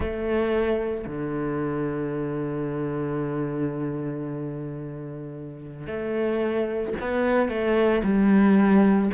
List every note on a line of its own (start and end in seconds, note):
0.00 1.05 A3
1.06 5.86 D3
5.86 6.94 A3
7.00 7.49 B3
7.49 8.02 A3
8.03 9.10 G3